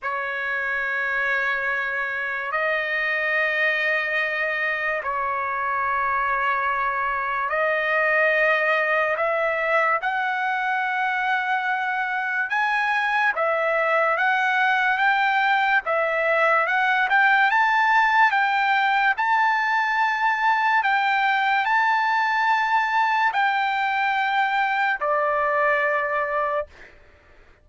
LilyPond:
\new Staff \with { instrumentName = "trumpet" } { \time 4/4 \tempo 4 = 72 cis''2. dis''4~ | dis''2 cis''2~ | cis''4 dis''2 e''4 | fis''2. gis''4 |
e''4 fis''4 g''4 e''4 | fis''8 g''8 a''4 g''4 a''4~ | a''4 g''4 a''2 | g''2 d''2 | }